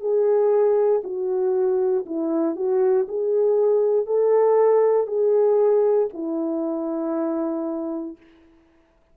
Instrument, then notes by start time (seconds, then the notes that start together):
horn
0.00 G#4
1.04 F#4
2.06 E4
2.56 F#4
3.08 G#4
4.06 A4
5.07 G#4
6.13 E4